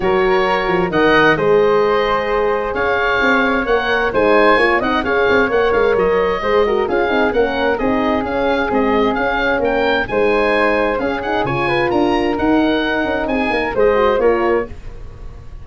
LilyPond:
<<
  \new Staff \with { instrumentName = "oboe" } { \time 4/4 \tempo 4 = 131 cis''2 fis''4 dis''4~ | dis''2 f''2 | fis''4 gis''4. fis''8 f''4 | fis''8 f''8 dis''2 f''4 |
fis''4 dis''4 f''4 dis''4 | f''4 g''4 gis''2 | f''8 fis''8 gis''4 ais''4 fis''4~ | fis''4 gis''4 dis''4 cis''4 | }
  \new Staff \with { instrumentName = "flute" } { \time 4/4 ais'2 dis''4 c''4~ | c''2 cis''2~ | cis''4 c''4 cis''8 dis''8 cis''4~ | cis''2 c''8 ais'8 gis'4 |
ais'4 gis'2.~ | gis'4 ais'4 c''2 | gis'4 cis''8 b'8 ais'2~ | ais'4 gis'8 ais'8 c''4 ais'4 | }
  \new Staff \with { instrumentName = "horn" } { \time 4/4 fis'2 ais'4 gis'4~ | gis'1 | ais'4 dis'4 f'8 dis'8 gis'4 | ais'2 gis'8 fis'8 f'8 dis'8 |
cis'4 dis'4 cis'4 gis4 | cis'2 dis'2 | cis'8 dis'8 f'2 dis'4~ | dis'2 gis'8 fis'8 f'4 | }
  \new Staff \with { instrumentName = "tuba" } { \time 4/4 fis4. f8 dis4 gis4~ | gis2 cis'4 c'4 | ais4 gis4 ais8 c'8 cis'8 c'8 | ais8 gis8 fis4 gis4 cis'8 c'8 |
ais4 c'4 cis'4 c'4 | cis'4 ais4 gis2 | cis'4 cis4 d'4 dis'4~ | dis'8 cis'8 c'8 ais8 gis4 ais4 | }
>>